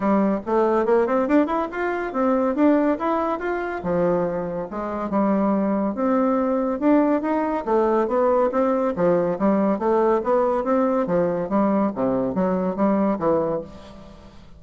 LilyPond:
\new Staff \with { instrumentName = "bassoon" } { \time 4/4 \tempo 4 = 141 g4 a4 ais8 c'8 d'8 e'8 | f'4 c'4 d'4 e'4 | f'4 f2 gis4 | g2 c'2 |
d'4 dis'4 a4 b4 | c'4 f4 g4 a4 | b4 c'4 f4 g4 | c4 fis4 g4 e4 | }